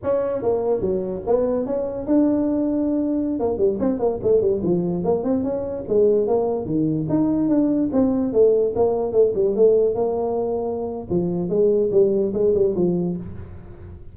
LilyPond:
\new Staff \with { instrumentName = "tuba" } { \time 4/4 \tempo 4 = 146 cis'4 ais4 fis4 b4 | cis'4 d'2.~ | d'16 ais8 g8 c'8 ais8 a8 g8 f8.~ | f16 ais8 c'8 cis'4 gis4 ais8.~ |
ais16 dis4 dis'4 d'4 c'8.~ | c'16 a4 ais4 a8 g8 a8.~ | a16 ais2~ ais8. f4 | gis4 g4 gis8 g8 f4 | }